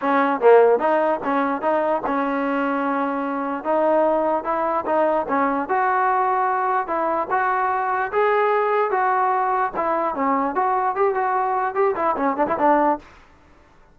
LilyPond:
\new Staff \with { instrumentName = "trombone" } { \time 4/4 \tempo 4 = 148 cis'4 ais4 dis'4 cis'4 | dis'4 cis'2.~ | cis'4 dis'2 e'4 | dis'4 cis'4 fis'2~ |
fis'4 e'4 fis'2 | gis'2 fis'2 | e'4 cis'4 fis'4 g'8 fis'8~ | fis'4 g'8 e'8 cis'8 d'16 e'16 d'4 | }